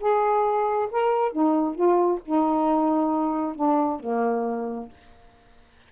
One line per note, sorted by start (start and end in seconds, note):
0.00 0.89 G#4
0.91 1.32 A#4
1.32 1.75 D#4
1.75 2.19 F4
2.25 3.55 D#4
3.55 4.00 D4
4.00 4.88 A#3